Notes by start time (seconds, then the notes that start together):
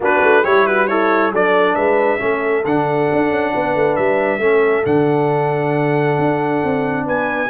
0.00 B3 D4 F#4 B4
0.21 A3
0.42 G3 E4 G4 C#5
0.66 F#4 B4
0.87 E4 A4 C#5
1.32 F#3 D4 A4 D5
1.74 G#3 B4 E5
2.18 A3 C#4 A4
2.64 D3 D4 F#5
3.12 D4
3.30 C#4
3.54 B3 B4
3.75 A3
3.96 G3 E5
4.38 A3 C#4 A4
4.84 D3 D4 F#5
6.18 D4
6.64 C4
7.05 B3 B4 G#5